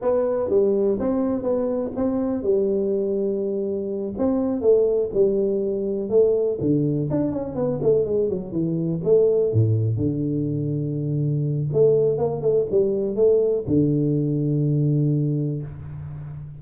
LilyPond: \new Staff \with { instrumentName = "tuba" } { \time 4/4 \tempo 4 = 123 b4 g4 c'4 b4 | c'4 g2.~ | g8 c'4 a4 g4.~ | g8 a4 d4 d'8 cis'8 b8 |
a8 gis8 fis8 e4 a4 a,8~ | a,8 d2.~ d8 | a4 ais8 a8 g4 a4 | d1 | }